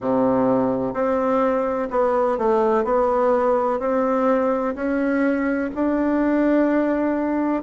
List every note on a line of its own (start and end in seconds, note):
0.00 0.93 C3
0.93 1.88 C4
1.90 2.38 B3
2.38 2.84 A3
2.84 3.79 B3
3.79 4.74 C4
4.75 5.70 C#4
5.74 7.62 D4